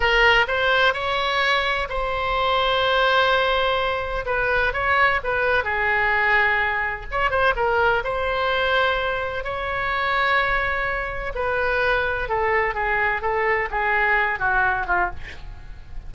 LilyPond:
\new Staff \with { instrumentName = "oboe" } { \time 4/4 \tempo 4 = 127 ais'4 c''4 cis''2 | c''1~ | c''4 b'4 cis''4 b'4 | gis'2. cis''8 c''8 |
ais'4 c''2. | cis''1 | b'2 a'4 gis'4 | a'4 gis'4. fis'4 f'8 | }